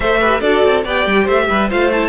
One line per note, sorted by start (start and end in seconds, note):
0.00 0.40 A3
0.00 0.20 A4
0.00 0.20 C5
0.00 0.40 E5
0.20 0.41 G4
0.20 0.41 B4
0.40 0.62 D4
0.40 0.84 F#4
0.40 0.83 A4
0.40 0.83 D5
0.65 0.85 C4
0.84 1.06 B3
0.84 1.70 G4
0.84 1.23 D5
0.84 1.27 G5
1.06 1.27 G3
1.23 1.49 A3
1.23 1.45 C5
1.23 1.70 E5
1.49 1.71 G3
1.49 1.69 B4
1.69 2.09 A3
1.69 1.91 F4
1.69 2.09 C5
1.69 1.91 F5
1.91 2.09 E4
1.91 2.09 A5